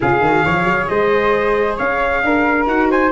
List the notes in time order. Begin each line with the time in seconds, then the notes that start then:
0.00 C#3 F4 G#4 F5
0.20 D#3 F#4
0.43 F3 G#4 C#5
0.64 F#3
0.87 G#3 C5 D#5
1.76 C#4 C#5 F5
2.23 D4 A#4
2.65 D#4 F#4 F#5
2.90 C5 G#5